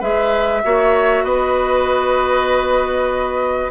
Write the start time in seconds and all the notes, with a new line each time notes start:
0.00 G#3 G#4 B4 E5
0.64 A#3 F#4 C#5
1.24 B3 B4 D#5